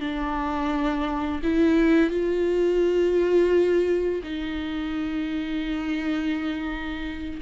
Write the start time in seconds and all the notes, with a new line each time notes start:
0.00 D4
1.43 E4
2.10 F4
4.23 D#4